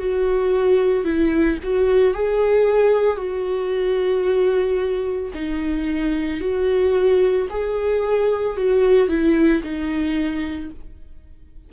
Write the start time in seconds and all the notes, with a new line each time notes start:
0.00 F#4
1.05 E4
1.64 F#4
2.14 G#4
3.18 F#4
5.34 D#4
6.41 F#4
7.50 G#4
8.57 F#4
9.09 E4
9.63 D#4